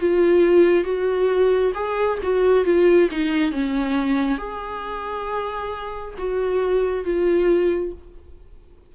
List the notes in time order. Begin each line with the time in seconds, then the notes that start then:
0.00 F4
0.84 F#4
1.74 G#4
2.23 F#4
2.65 F4
3.11 D#4
3.52 C#4
4.38 G#4
6.18 F#4
7.04 F4